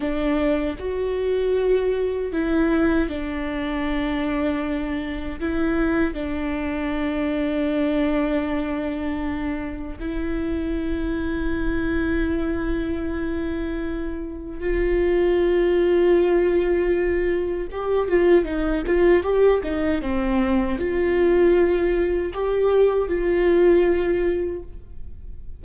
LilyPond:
\new Staff \with { instrumentName = "viola" } { \time 4/4 \tempo 4 = 78 d'4 fis'2 e'4 | d'2. e'4 | d'1~ | d'4 e'2.~ |
e'2. f'4~ | f'2. g'8 f'8 | dis'8 f'8 g'8 dis'8 c'4 f'4~ | f'4 g'4 f'2 | }